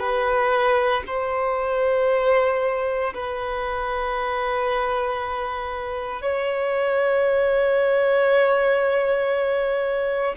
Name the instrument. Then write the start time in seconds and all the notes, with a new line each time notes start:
violin
0.00 B4
1.07 C5
3.15 B4
6.22 C#5